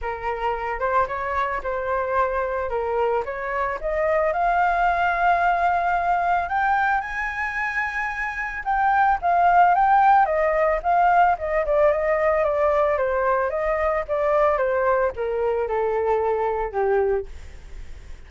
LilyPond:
\new Staff \with { instrumentName = "flute" } { \time 4/4 \tempo 4 = 111 ais'4. c''8 cis''4 c''4~ | c''4 ais'4 cis''4 dis''4 | f''1 | g''4 gis''2. |
g''4 f''4 g''4 dis''4 | f''4 dis''8 d''8 dis''4 d''4 | c''4 dis''4 d''4 c''4 | ais'4 a'2 g'4 | }